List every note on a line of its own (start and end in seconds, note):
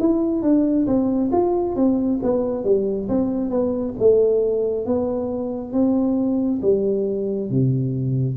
0.00 0.42 E4
0.42 0.86 D4
0.87 1.31 C4
1.32 1.76 F4
1.76 2.20 C4
2.23 2.64 B3
2.64 3.08 G3
3.08 3.50 C4
3.50 3.94 B3
3.99 4.86 A3
4.86 5.73 B3
5.73 6.61 C4
6.62 7.50 G3
7.50 8.37 C3